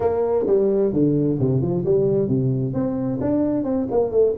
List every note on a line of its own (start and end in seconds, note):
0.00 0.45 A#3
0.46 0.92 G3
0.92 1.38 D3
1.39 1.61 C3
1.61 1.84 F3
1.85 2.28 G3
2.28 2.73 C3
2.73 3.19 C4
3.21 3.64 D4
3.64 3.87 C4
3.91 4.10 A#3
4.10 4.33 A3